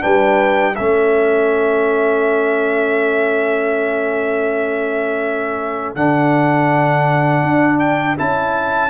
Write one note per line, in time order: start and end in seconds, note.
0.00 0.79 G3
0.00 0.74 D4
0.00 0.75 B4
0.00 0.75 G5
0.75 5.95 A3
0.75 5.96 C#4
0.75 8.89 A4
0.75 5.94 E5
5.95 7.42 D3
5.95 8.17 D4
5.95 7.79 F#5
7.42 8.16 D4
7.79 8.16 G5
8.17 8.89 C#4
8.17 8.89 E4
8.17 8.89 A5